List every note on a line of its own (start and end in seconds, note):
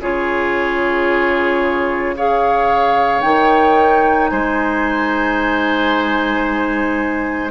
0.00 3.21 C#3
0.00 2.16 F4
0.00 2.15 G#4
0.00 2.16 C#5
2.17 3.22 G#4
2.17 4.31 C#5
2.17 3.21 F5
3.21 4.31 D#3
3.21 7.50 D#4
3.21 4.28 G5
4.28 7.51 G#3
4.28 7.51 C5
4.28 7.49 G#5